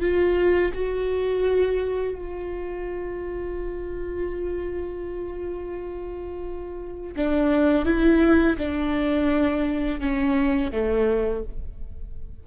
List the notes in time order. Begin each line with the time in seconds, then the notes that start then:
0.00 F4
0.74 F#4
2.15 F4
7.16 D4
7.85 E4
8.58 D4
10.00 C#4
10.71 A3